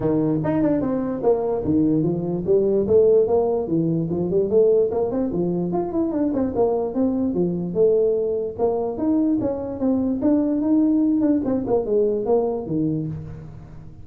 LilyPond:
\new Staff \with { instrumentName = "tuba" } { \time 4/4 \tempo 4 = 147 dis4 dis'8 d'8 c'4 ais4 | dis4 f4 g4 a4 | ais4 e4 f8 g8 a4 | ais8 c'8 f4 f'8 e'8 d'8 c'8 |
ais4 c'4 f4 a4~ | a4 ais4 dis'4 cis'4 | c'4 d'4 dis'4. d'8 | c'8 ais8 gis4 ais4 dis4 | }